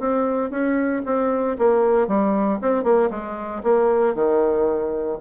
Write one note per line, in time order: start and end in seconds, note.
0.00 0.51 C4
0.51 1.02 C#4
1.06 1.58 C4
1.58 2.08 A#3
2.08 2.60 G3
2.62 2.84 C4
2.84 3.10 A#3
3.11 3.63 G#3
3.63 4.15 A#3
4.15 5.19 D#3